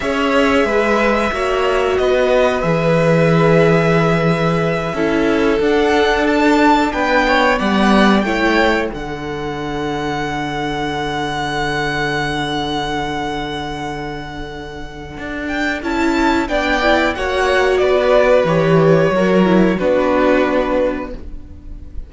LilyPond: <<
  \new Staff \with { instrumentName = "violin" } { \time 4/4 \tempo 4 = 91 e''2. dis''4 | e''1~ | e''8 fis''4 a''4 g''4 fis''8~ | fis''8 g''4 fis''2~ fis''8~ |
fis''1~ | fis''2.~ fis''8 g''8 | a''4 g''4 fis''4 d''4 | cis''2 b'2 | }
  \new Staff \with { instrumentName = "violin" } { \time 4/4 cis''4 b'4 cis''4 b'4~ | b'2.~ b'8 a'8~ | a'2~ a'8 b'8 cis''8 d''8~ | d''8 cis''4 a'2~ a'8~ |
a'1~ | a'1~ | a'4 d''4 cis''4 b'4~ | b'4 ais'4 fis'2 | }
  \new Staff \with { instrumentName = "viola" } { \time 4/4 gis'2 fis'2 | gis'2.~ gis'8 e'8~ | e'8 d'2. b8~ | b8 e'4 d'2~ d'8~ |
d'1~ | d'1 | e'4 d'8 e'8 fis'2 | g'4 fis'8 e'8 d'2 | }
  \new Staff \with { instrumentName = "cello" } { \time 4/4 cis'4 gis4 ais4 b4 | e2.~ e8 cis'8~ | cis'8 d'2 b4 g8~ | g8 a4 d2~ d8~ |
d1~ | d2. d'4 | cis'4 b4 ais4 b4 | e4 fis4 b2 | }
>>